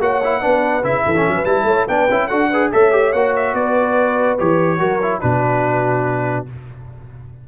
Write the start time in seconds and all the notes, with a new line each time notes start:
0.00 A#3 F#4 C#5 F#5
0.24 E4
0.41 B3 D4 B4
0.83 C#3 E4 E5
1.05 E3 A4
1.16 C#4
1.28 F#3 B4
1.45 G3 E4 A5
1.64 A3 C#5
1.88 B3 D4 B4 G5
2.11 C#4 E4
2.28 D4 F#4 A4 F#5
2.51 G#4 B4
2.72 A3 A4 C#5 E5
2.92 G4
3.13 A#3 F#4 F#5
3.36 E5
3.54 B3 B4 D5
4.39 E3 G4 C#5
4.79 F#3 F#4 A#4
5.03 E4
5.21 B2 D4 F#4 B4